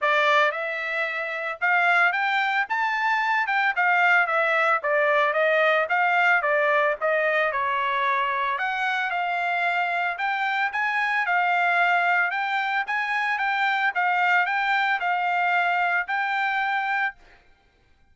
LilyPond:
\new Staff \with { instrumentName = "trumpet" } { \time 4/4 \tempo 4 = 112 d''4 e''2 f''4 | g''4 a''4. g''8 f''4 | e''4 d''4 dis''4 f''4 | d''4 dis''4 cis''2 |
fis''4 f''2 g''4 | gis''4 f''2 g''4 | gis''4 g''4 f''4 g''4 | f''2 g''2 | }